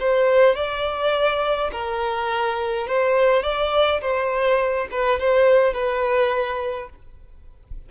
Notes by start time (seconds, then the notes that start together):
0.00 C5
0.56 D5
1.72 A#4
2.87 C5
3.43 D5
4.01 C5
4.91 B4
5.20 C5
5.74 B4